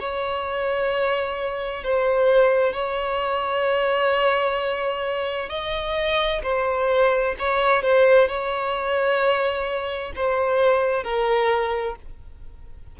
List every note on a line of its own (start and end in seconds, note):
0.00 1.84 C#5
1.84 2.73 C5
2.73 5.50 C#5
5.50 6.42 D#5
6.43 7.35 C5
7.39 7.83 C#5
7.83 8.28 C5
8.28 10.12 C#5
10.16 11.03 C5
11.03 11.96 A#4